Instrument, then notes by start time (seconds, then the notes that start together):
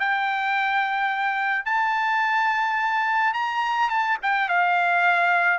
trumpet
0.00 G5
1.66 A5
3.34 A#5
3.90 A5
4.23 G5
4.49 F5